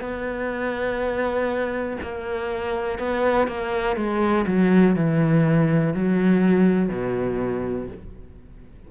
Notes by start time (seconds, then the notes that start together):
0.00 B3
2.02 A#3
2.98 B3
3.47 A#3
3.96 G#3
4.46 F#3
4.95 E3
5.94 F#3
6.89 B2